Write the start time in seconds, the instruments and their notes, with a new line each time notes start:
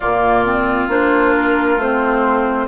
0.00 bassoon A#2, clarinet A#3, oboe F4, flute D5
0.45 clarinet C4
0.88 bassoon A#3, clarinet D4, flute C5
1.37 flute A#4
1.76 bassoon A3, clarinet C4, flute C5